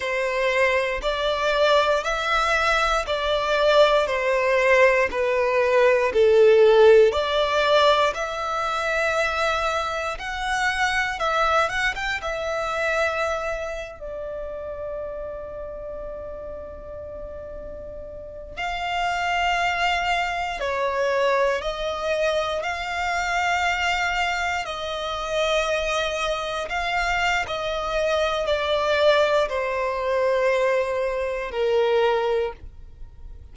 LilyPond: \new Staff \with { instrumentName = "violin" } { \time 4/4 \tempo 4 = 59 c''4 d''4 e''4 d''4 | c''4 b'4 a'4 d''4 | e''2 fis''4 e''8 fis''16 g''16 | e''4.~ e''16 d''2~ d''16~ |
d''2~ d''16 f''4.~ f''16~ | f''16 cis''4 dis''4 f''4.~ f''16~ | f''16 dis''2 f''8. dis''4 | d''4 c''2 ais'4 | }